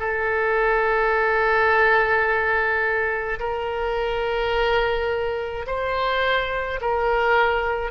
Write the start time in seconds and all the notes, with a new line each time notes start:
0.00 A4
3.40 A#4
5.67 C5
6.81 A#4